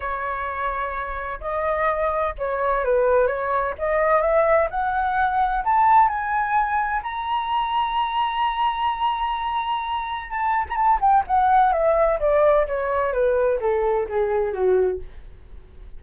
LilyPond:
\new Staff \with { instrumentName = "flute" } { \time 4/4 \tempo 4 = 128 cis''2. dis''4~ | dis''4 cis''4 b'4 cis''4 | dis''4 e''4 fis''2 | a''4 gis''2 ais''4~ |
ais''1~ | ais''2 a''8. ais''16 a''8 g''8 | fis''4 e''4 d''4 cis''4 | b'4 a'4 gis'4 fis'4 | }